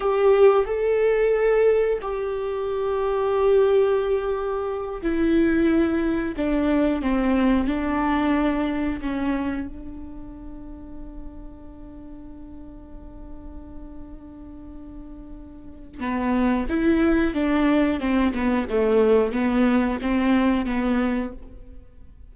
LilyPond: \new Staff \with { instrumentName = "viola" } { \time 4/4 \tempo 4 = 90 g'4 a'2 g'4~ | g'2.~ g'8 e'8~ | e'4. d'4 c'4 d'8~ | d'4. cis'4 d'4.~ |
d'1~ | d'1 | b4 e'4 d'4 c'8 b8 | a4 b4 c'4 b4 | }